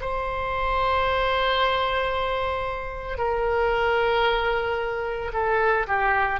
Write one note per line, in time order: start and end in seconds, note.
0.00 3.18 C5
3.18 5.32 A#4
5.33 5.86 A4
5.87 6.40 G4